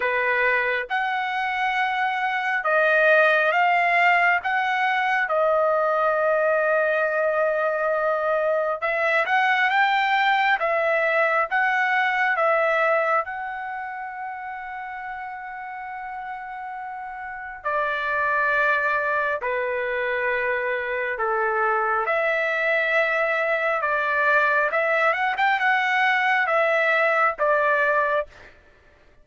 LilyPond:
\new Staff \with { instrumentName = "trumpet" } { \time 4/4 \tempo 4 = 68 b'4 fis''2 dis''4 | f''4 fis''4 dis''2~ | dis''2 e''8 fis''8 g''4 | e''4 fis''4 e''4 fis''4~ |
fis''1 | d''2 b'2 | a'4 e''2 d''4 | e''8 fis''16 g''16 fis''4 e''4 d''4 | }